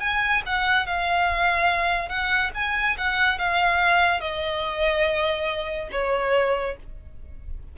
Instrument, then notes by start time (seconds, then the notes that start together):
violin
0.00 G#5
0.46 F#5
0.86 F5
2.09 F#5
2.54 G#5
2.98 F#5
3.38 F5
4.20 D#5
5.92 C#5